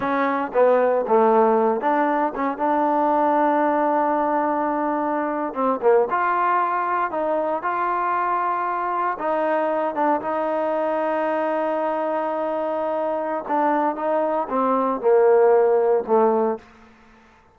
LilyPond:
\new Staff \with { instrumentName = "trombone" } { \time 4/4 \tempo 4 = 116 cis'4 b4 a4. d'8~ | d'8 cis'8 d'2.~ | d'2~ d'8. c'8 ais8 f'16~ | f'4.~ f'16 dis'4 f'4~ f'16~ |
f'4.~ f'16 dis'4. d'8 dis'16~ | dis'1~ | dis'2 d'4 dis'4 | c'4 ais2 a4 | }